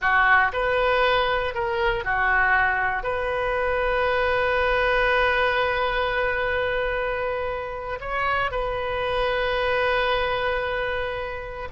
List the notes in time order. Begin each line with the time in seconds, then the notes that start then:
0.01 F#4
0.52 B4
1.54 A#4
2.04 F#4
3.03 B4
8.00 C#5
8.51 B4